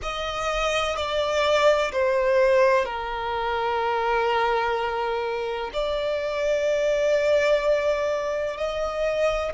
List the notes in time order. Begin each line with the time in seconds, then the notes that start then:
0.02 D#5
0.96 D5
1.92 C5
2.85 A#4
5.73 D5
8.57 D#5